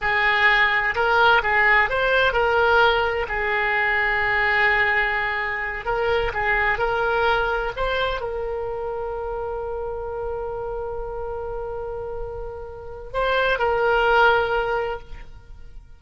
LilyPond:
\new Staff \with { instrumentName = "oboe" } { \time 4/4 \tempo 4 = 128 gis'2 ais'4 gis'4 | c''4 ais'2 gis'4~ | gis'1~ | gis'8 ais'4 gis'4 ais'4.~ |
ais'8 c''4 ais'2~ ais'8~ | ais'1~ | ais'1 | c''4 ais'2. | }